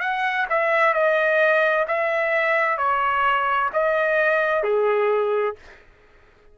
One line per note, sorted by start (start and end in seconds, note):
0.00 0.46 F#5
0.50 0.94 E5
0.94 1.86 D#5
1.88 2.78 E5
2.78 3.70 C#5
3.73 4.63 D#5
4.63 5.56 G#4